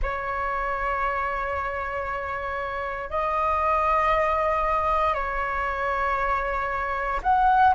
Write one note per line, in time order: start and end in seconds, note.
0.02 3.09 C#5
3.09 5.13 D#5
5.13 7.20 C#5
7.22 7.74 F#5